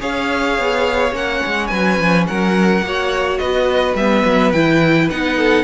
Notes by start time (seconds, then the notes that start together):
0.00 C#4 G#4 C#5 F5
0.58 B3
1.12 A#3 C#4 F#5
1.46 G#3
1.67 F#3 B4 G#5
1.99 F3
2.27 F#3 A#4 F#5
2.82 A#3 F#4 C#5
3.38 B3 B4 D#5
3.94 G3 B3 E5
4.25 F#3
4.52 E3 E4 G5
5.11 B3 D#4 F#5
5.37 A4